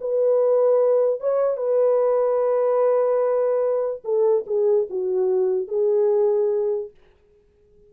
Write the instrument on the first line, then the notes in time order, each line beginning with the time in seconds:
horn
0.00 B4
1.20 C#5
1.57 B4
4.04 A4
4.46 G#4
4.90 F#4
5.68 G#4